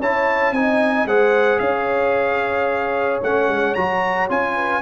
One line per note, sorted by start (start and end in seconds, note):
0.00 0.51 C#4
0.00 0.55 E4
0.00 0.54 C#5
0.00 0.53 A5
0.51 1.05 C4
0.51 1.08 D#4
0.51 1.07 D#5
0.51 1.06 G#5
1.05 1.58 G#3
1.05 3.22 G#4
1.05 1.61 C5
1.05 1.58 F#5
1.58 3.20 C#4
1.58 4.55 C#5
1.58 3.19 F5
3.23 3.48 A3
3.23 3.76 C#4
3.23 3.74 F#5
3.48 3.75 G#3
3.74 4.29 F#3
3.74 4.29 F#4
3.74 4.28 A#5
4.29 4.81 C#4
4.29 4.81 F4
4.29 4.81 G#5
4.55 4.81 B4